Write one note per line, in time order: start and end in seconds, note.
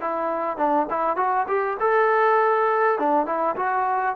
0.00 0.57 E4
0.57 0.86 D4
0.90 1.16 E4
1.16 1.46 F#4
1.47 1.77 G4
1.80 2.98 A4
2.98 3.25 D4
3.25 3.55 E4
3.56 4.15 F#4